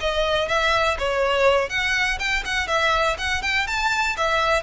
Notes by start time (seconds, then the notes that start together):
0.00 D#5
0.48 E5
0.99 C#5
1.70 F#5
2.19 G5
2.45 F#5
2.68 E5
3.18 F#5
3.42 G5
3.67 A5
4.17 E5